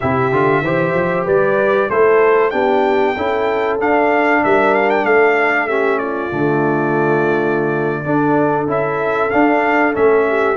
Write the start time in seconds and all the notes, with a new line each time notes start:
0.00 C3 E4 G4 E5
0.32 D3 F4
0.61 E3 G4 C5
0.93 F3
1.25 G3 B4 D5
1.89 A3 E4 A4 C5
2.50 B3 D4 G4 G5
3.17 C#4 E4 A4
3.79 D4 F5
4.43 G3 A#4 E5
4.74 F5
4.90 G5
5.04 A3 A4 F5
5.67 C#4 G4 E5
5.98 F4 D5
6.31 D3 A3
8.05 D4 A4
8.67 C#4 E4 E5
9.30 D4 F5
9.93 A3 C#4 E5
10.28 G4